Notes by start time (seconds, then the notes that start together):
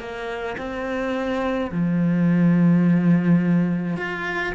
0.00 A#3
0.58 C4
1.72 F3
3.97 F4